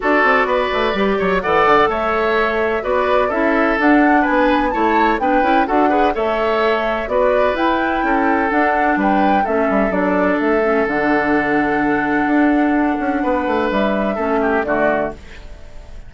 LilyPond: <<
  \new Staff \with { instrumentName = "flute" } { \time 4/4 \tempo 4 = 127 d''2. fis''4 | e''2 d''4 e''4 | fis''4 gis''4 a''4 g''4 | fis''4 e''2 d''4 |
g''2 fis''4 g''4 | e''4 d''4 e''4 fis''4~ | fis''1~ | fis''4 e''2 d''4 | }
  \new Staff \with { instrumentName = "oboe" } { \time 4/4 a'4 b'4. cis''8 d''4 | cis''2 b'4 a'4~ | a'4 b'4 cis''4 b'4 | a'8 b'8 cis''2 b'4~ |
b'4 a'2 b'4 | a'1~ | a'1 | b'2 a'8 g'8 fis'4 | }
  \new Staff \with { instrumentName = "clarinet" } { \time 4/4 fis'2 g'4 a'4~ | a'2 fis'4 e'4 | d'2 e'4 d'8 e'8 | fis'8 gis'8 a'2 fis'4 |
e'2 d'2 | cis'4 d'4. cis'8 d'4~ | d'1~ | d'2 cis'4 a4 | }
  \new Staff \with { instrumentName = "bassoon" } { \time 4/4 d'8 c'8 b8 a8 g8 fis8 e8 d8 | a2 b4 cis'4 | d'4 b4 a4 b8 cis'8 | d'4 a2 b4 |
e'4 cis'4 d'4 g4 | a8 g8 fis4 a4 d4~ | d2 d'4. cis'8 | b8 a8 g4 a4 d4 | }
>>